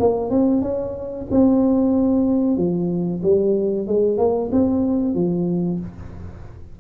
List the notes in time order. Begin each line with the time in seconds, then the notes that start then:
0.00 A#3
0.30 C4
0.62 C#4
1.32 C4
2.57 F3
3.23 G3
3.87 G#3
4.18 A#3
4.52 C4
5.15 F3